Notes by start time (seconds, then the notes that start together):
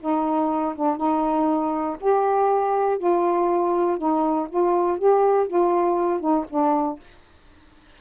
0.00 D#4
0.75 D4
0.97 D#4
2.00 G4
2.98 F4
3.98 D#4
4.49 F4
4.98 G4
5.47 F4
6.20 D#4
6.50 D4